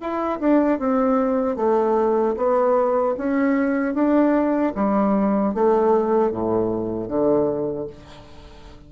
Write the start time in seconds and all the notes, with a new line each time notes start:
0.00 E4
0.39 D4
0.79 C4
1.56 A3
2.36 B3
3.17 C#4
3.94 D4
4.75 G3
5.54 A3
6.31 A2
7.08 D3